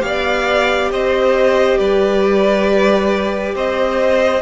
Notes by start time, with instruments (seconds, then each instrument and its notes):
0.00 cello B3, viola G4, violin D5 F5
0.91 cello C4, violin C5 D#5
1.78 cello G3, violin B4 D5
3.55 cello C4, violin C5 D#5